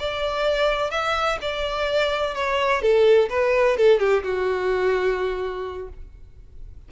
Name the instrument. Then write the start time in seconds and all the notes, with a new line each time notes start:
violin
0.00 D5
0.91 E5
1.42 D5
2.35 C#5
2.82 A4
3.30 B4
3.78 A4
4.00 G4
4.24 F#4